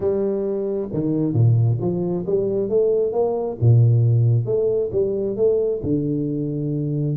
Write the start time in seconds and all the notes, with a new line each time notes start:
0.00 G3
0.93 D#3
1.33 A#2
1.80 F3
2.26 G3
2.69 A3
3.12 A#3
3.60 A#2
4.45 A3
4.92 G3
5.36 A3
5.82 D3